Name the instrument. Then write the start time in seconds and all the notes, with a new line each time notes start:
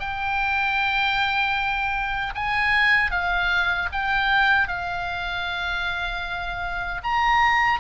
oboe
0.00 G5
2.36 G#5
3.11 F5
3.92 G5
4.68 F5
7.04 A#5